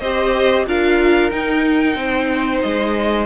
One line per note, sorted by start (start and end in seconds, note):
0.00 0.66 C4
0.00 0.67 G4
0.00 0.66 C5
0.00 0.65 D#5
0.67 1.32 D4
0.67 1.32 F4
0.67 1.98 A#4
0.67 1.31 F5
1.31 3.26 D#4
1.31 1.96 D#4
1.31 2.61 G5
1.96 2.61 C4
1.96 3.26 C5
2.62 3.26 G#3
2.62 3.26 D#5